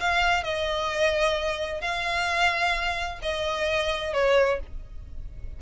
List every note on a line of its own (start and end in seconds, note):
0.00 0.44 F5
0.44 1.81 D#5
1.81 3.19 F5
3.22 4.13 D#5
4.13 4.60 C#5